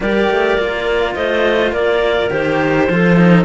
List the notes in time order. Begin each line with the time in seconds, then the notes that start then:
0.00 G3 G4 A#4 D5
0.29 A3
0.57 A#3 F4
1.14 A3 C5 D#5
1.72 A#3 A#4 D5
2.30 D#3 G4 C5
2.89 F3 F4 A4
3.16 D#4